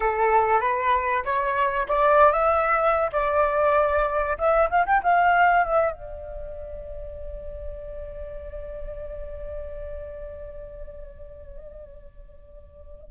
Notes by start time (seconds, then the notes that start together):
0.00 A4
0.61 B4
1.24 C#5
1.88 D5
2.32 E5
3.12 D5
4.38 E5
4.70 F5
4.86 G5
5.03 F5
5.64 E5
5.92 D5